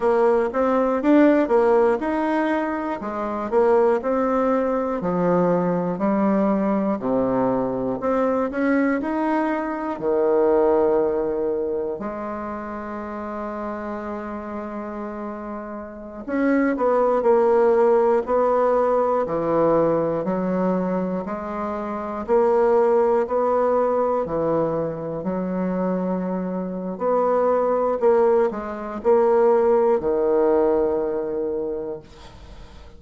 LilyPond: \new Staff \with { instrumentName = "bassoon" } { \time 4/4 \tempo 4 = 60 ais8 c'8 d'8 ais8 dis'4 gis8 ais8 | c'4 f4 g4 c4 | c'8 cis'8 dis'4 dis2 | gis1~ |
gis16 cis'8 b8 ais4 b4 e8.~ | e16 fis4 gis4 ais4 b8.~ | b16 e4 fis4.~ fis16 b4 | ais8 gis8 ais4 dis2 | }